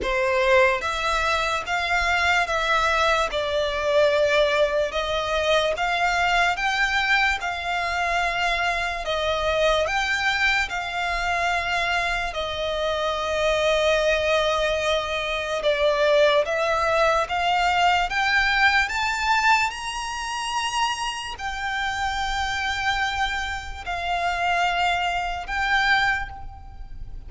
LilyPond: \new Staff \with { instrumentName = "violin" } { \time 4/4 \tempo 4 = 73 c''4 e''4 f''4 e''4 | d''2 dis''4 f''4 | g''4 f''2 dis''4 | g''4 f''2 dis''4~ |
dis''2. d''4 | e''4 f''4 g''4 a''4 | ais''2 g''2~ | g''4 f''2 g''4 | }